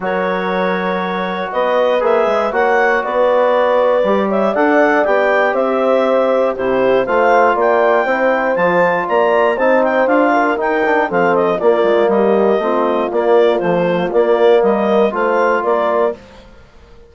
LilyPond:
<<
  \new Staff \with { instrumentName = "clarinet" } { \time 4/4 \tempo 4 = 119 cis''2. dis''4 | e''4 fis''4 d''2~ | d''8 e''8 fis''4 g''4 e''4~ | e''4 c''4 f''4 g''4~ |
g''4 a''4 ais''4 a''8 g''8 | f''4 g''4 f''8 dis''8 d''4 | dis''2 d''4 c''4 | d''4 dis''4 f''4 d''4 | }
  \new Staff \with { instrumentName = "horn" } { \time 4/4 ais'2. b'4~ | b'4 cis''4 b'2~ | b'8 cis''8 d''2 c''4~ | c''4 g'4 c''4 d''4 |
c''2 d''4 c''4~ | c''8 ais'4. a'4 f'4 | g'4 f'2.~ | f'4 ais'4 c''4 ais'4 | }
  \new Staff \with { instrumentName = "trombone" } { \time 4/4 fis'1 | gis'4 fis'2. | g'4 a'4 g'2~ | g'4 e'4 f'2 |
e'4 f'2 dis'4 | f'4 dis'8 d'8 c'4 ais4~ | ais4 c'4 ais4 f4 | ais2 f'2 | }
  \new Staff \with { instrumentName = "bassoon" } { \time 4/4 fis2. b4 | ais8 gis8 ais4 b2 | g4 d'4 b4 c'4~ | c'4 c4 a4 ais4 |
c'4 f4 ais4 c'4 | d'4 dis'4 f4 ais8 gis8 | g4 a4 ais4 a4 | ais4 g4 a4 ais4 | }
>>